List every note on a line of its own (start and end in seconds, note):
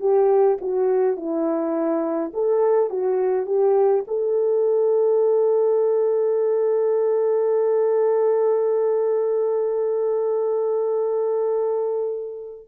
0.00 0.58 G4
0.61 1.17 F#4
1.17 2.32 E4
2.33 2.90 A4
2.90 3.47 F#4
3.47 4.04 G4
4.08 12.68 A4